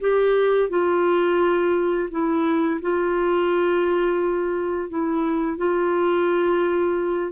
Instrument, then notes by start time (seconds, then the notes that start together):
clarinet
0.00 G4
0.69 F4
2.10 E4
2.81 F4
4.89 E4
5.57 F4